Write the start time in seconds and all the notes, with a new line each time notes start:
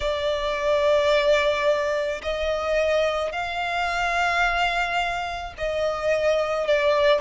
0.00 D5
2.22 D#5
3.31 F5
5.57 D#5
6.67 D5